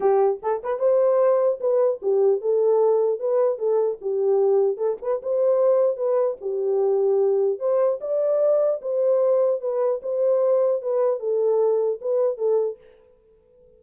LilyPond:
\new Staff \with { instrumentName = "horn" } { \time 4/4 \tempo 4 = 150 g'4 a'8 b'8 c''2 | b'4 g'4 a'2 | b'4 a'4 g'2 | a'8 b'8 c''2 b'4 |
g'2. c''4 | d''2 c''2 | b'4 c''2 b'4 | a'2 b'4 a'4 | }